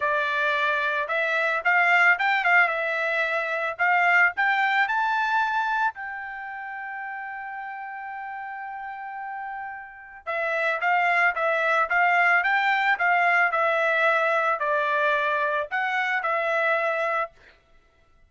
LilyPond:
\new Staff \with { instrumentName = "trumpet" } { \time 4/4 \tempo 4 = 111 d''2 e''4 f''4 | g''8 f''8 e''2 f''4 | g''4 a''2 g''4~ | g''1~ |
g''2. e''4 | f''4 e''4 f''4 g''4 | f''4 e''2 d''4~ | d''4 fis''4 e''2 | }